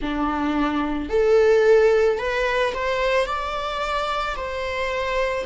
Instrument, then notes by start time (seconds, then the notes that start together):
viola
0.01 D4
1.09 A4
2.18 B4
2.74 C5
3.26 D5
4.36 C5